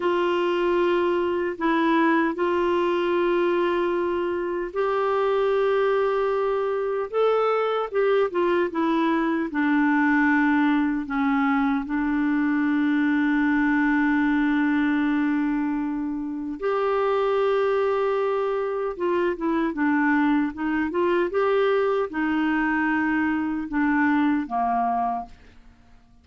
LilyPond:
\new Staff \with { instrumentName = "clarinet" } { \time 4/4 \tempo 4 = 76 f'2 e'4 f'4~ | f'2 g'2~ | g'4 a'4 g'8 f'8 e'4 | d'2 cis'4 d'4~ |
d'1~ | d'4 g'2. | f'8 e'8 d'4 dis'8 f'8 g'4 | dis'2 d'4 ais4 | }